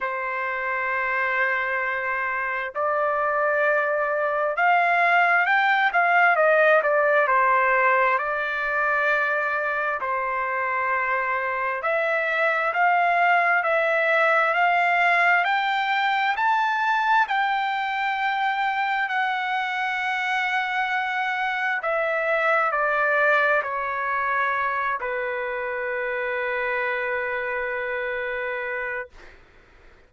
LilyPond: \new Staff \with { instrumentName = "trumpet" } { \time 4/4 \tempo 4 = 66 c''2. d''4~ | d''4 f''4 g''8 f''8 dis''8 d''8 | c''4 d''2 c''4~ | c''4 e''4 f''4 e''4 |
f''4 g''4 a''4 g''4~ | g''4 fis''2. | e''4 d''4 cis''4. b'8~ | b'1 | }